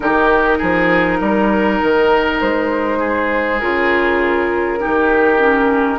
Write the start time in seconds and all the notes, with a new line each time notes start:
0.00 D#3 D#4 G4 A#4
0.58 F3 G#4
1.20 G3 A#4
1.82 D#3
2.41 G#3 C5
2.98 G#4
3.60 C#3 F4 A#4
4.78 D#4 G4
4.84 D#3
5.38 C#4